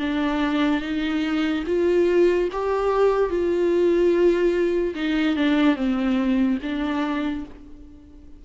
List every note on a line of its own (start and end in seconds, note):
0.00 0.82 D4
0.82 1.64 D#4
1.67 2.49 F4
2.53 3.30 G4
3.30 4.95 F4
4.95 5.36 D#4
5.36 5.76 D4
5.76 6.58 C4
6.63 7.45 D4